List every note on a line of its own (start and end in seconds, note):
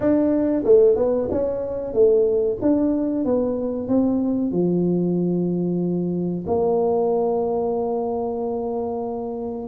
0.00 0.63 D4
0.64 0.96 A3
0.96 1.28 B3
1.31 1.93 C#4
1.93 2.57 A3
2.61 3.24 D4
3.24 3.88 B3
3.88 4.51 C4
4.51 6.45 F3
6.47 9.67 A#3